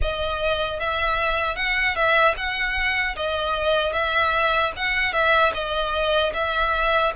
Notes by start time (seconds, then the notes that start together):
0.01 D#5
0.79 E5
1.56 F#5
1.95 E5
2.36 F#5
3.16 D#5
3.93 E5
4.76 F#5
5.12 E5
5.54 D#5
6.33 E5